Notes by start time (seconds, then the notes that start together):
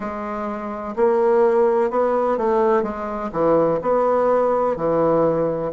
0.00 G#3
0.96 A#3
1.90 B3
2.37 A3
2.83 G#3
3.32 E3
3.81 B3
4.76 E3